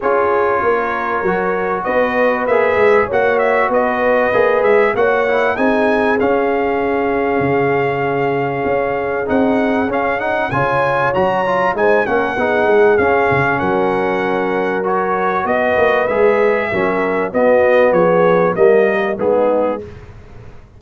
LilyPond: <<
  \new Staff \with { instrumentName = "trumpet" } { \time 4/4 \tempo 4 = 97 cis''2. dis''4 | e''4 fis''8 e''8 dis''4. e''8 | fis''4 gis''4 f''2~ | f''2. fis''4 |
f''8 fis''8 gis''4 ais''4 gis''8 fis''8~ | fis''4 f''4 fis''2 | cis''4 dis''4 e''2 | dis''4 cis''4 dis''4 gis'4 | }
  \new Staff \with { instrumentName = "horn" } { \time 4/4 gis'4 ais'2 b'4~ | b'4 cis''4 b'2 | cis''4 gis'2.~ | gis'1~ |
gis'4 cis''2 c''8 ais'8 | gis'2 ais'2~ | ais'4 b'2 ais'4 | fis'4 gis'4 ais'4 dis'4 | }
  \new Staff \with { instrumentName = "trombone" } { \time 4/4 f'2 fis'2 | gis'4 fis'2 gis'4 | fis'8 e'8 dis'4 cis'2~ | cis'2. dis'4 |
cis'8 dis'8 f'4 fis'8 f'8 dis'8 cis'8 | dis'4 cis'2. | fis'2 gis'4 cis'4 | b2 ais4 b4 | }
  \new Staff \with { instrumentName = "tuba" } { \time 4/4 cis'4 ais4 fis4 b4 | ais8 gis8 ais4 b4 ais8 gis8 | ais4 c'4 cis'2 | cis2 cis'4 c'4 |
cis'4 cis4 fis4 gis8 ais8 | b8 gis8 cis'8 cis8 fis2~ | fis4 b8 ais8 gis4 fis4 | b4 f4 g4 gis4 | }
>>